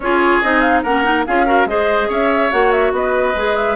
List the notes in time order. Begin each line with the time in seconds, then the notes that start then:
0.00 C#4 F4 G#4 C#5
0.42 C4 D#4 D#5
0.60 F5
0.82 A#3 C#4 A#4 F#5
1.03 D#4
1.26 C#4 F4 G#4 F5
1.46 F#4 A#4
1.65 G#3 G#4 C5 D#5
2.08 C#4 C#5 E5
2.50 A#3 F#4 F#5
2.71 E5
2.92 B3 B4 D#5
3.34 G#3 G#4
3.56 E5